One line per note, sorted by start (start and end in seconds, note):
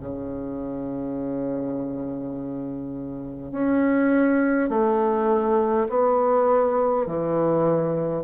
0.00 3.52 C#3
3.52 4.70 C#4
4.70 5.87 A3
5.89 7.06 B3
7.06 8.24 E3